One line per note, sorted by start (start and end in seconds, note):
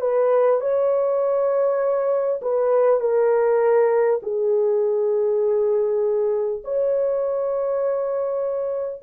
0.00 0.60 B4
0.60 2.40 C#5
2.42 3.00 B4
3.00 4.20 A#4
4.22 6.62 G#4
6.64 9.02 C#5